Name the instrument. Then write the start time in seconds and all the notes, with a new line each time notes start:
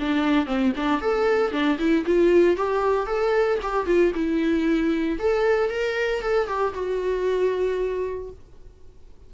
viola
0.00 D4
0.46 C4
0.76 D4
1.01 A4
1.52 D4
1.79 E4
2.06 F4
2.57 G4
3.07 A4
3.62 G4
3.86 F4
4.15 E4
5.19 A4
5.70 A#4
6.22 A4
6.47 G4
6.74 F#4